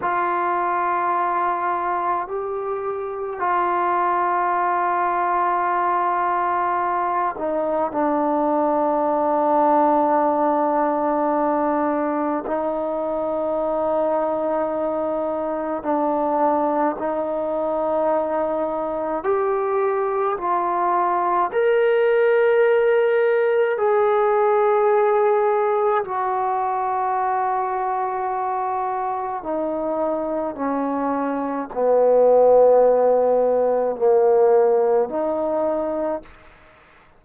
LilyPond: \new Staff \with { instrumentName = "trombone" } { \time 4/4 \tempo 4 = 53 f'2 g'4 f'4~ | f'2~ f'8 dis'8 d'4~ | d'2. dis'4~ | dis'2 d'4 dis'4~ |
dis'4 g'4 f'4 ais'4~ | ais'4 gis'2 fis'4~ | fis'2 dis'4 cis'4 | b2 ais4 dis'4 | }